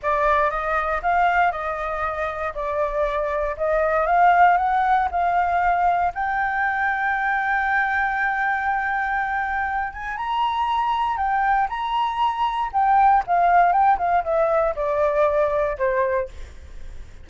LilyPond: \new Staff \with { instrumentName = "flute" } { \time 4/4 \tempo 4 = 118 d''4 dis''4 f''4 dis''4~ | dis''4 d''2 dis''4 | f''4 fis''4 f''2 | g''1~ |
g''2.~ g''8 gis''8 | ais''2 g''4 ais''4~ | ais''4 g''4 f''4 g''8 f''8 | e''4 d''2 c''4 | }